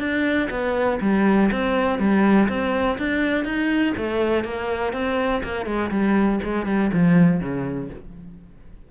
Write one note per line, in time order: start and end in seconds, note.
0.00 0.49 D4
0.51 1.00 B3
1.01 1.50 G3
1.52 1.99 C4
1.99 2.49 G3
2.49 2.98 C4
2.99 3.45 D4
3.45 3.94 D#4
3.97 4.45 A3
4.45 4.93 A#3
4.93 5.42 C4
5.44 5.66 A#3
5.66 5.91 G#3
5.91 6.40 G3
6.44 6.67 G#3
6.67 6.91 G3
6.93 7.41 F3
7.41 7.90 C#3